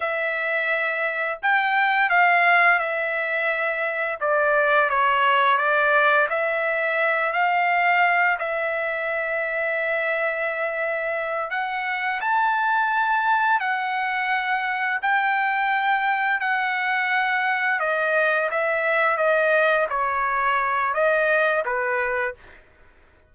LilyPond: \new Staff \with { instrumentName = "trumpet" } { \time 4/4 \tempo 4 = 86 e''2 g''4 f''4 | e''2 d''4 cis''4 | d''4 e''4. f''4. | e''1~ |
e''8 fis''4 a''2 fis''8~ | fis''4. g''2 fis''8~ | fis''4. dis''4 e''4 dis''8~ | dis''8 cis''4. dis''4 b'4 | }